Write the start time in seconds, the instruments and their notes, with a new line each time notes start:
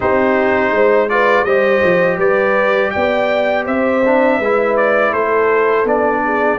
0.00 tuba C4, trombone D#4, horn G4, trumpet C5
0.70 tuba G#3, horn C5
1.09 trombone F4, horn B4, trumpet D5
1.44 tuba G3, trombone G4, horn C5, trumpet D#5
1.84 tuba F3
2.17 tuba G3, horn B4, trumpet D5
2.90 tuba B3, horn D5, trumpet G5
3.64 tuba C4, horn C5, trumpet E5
4.05 trombone D4
4.37 tuba G#3, horn B4
4.43 trombone E4
4.77 trumpet D5
5.10 tuba A3, horn A4, trumpet C5
5.84 tuba B3, trombone D4, trumpet D5
6.23 horn G#4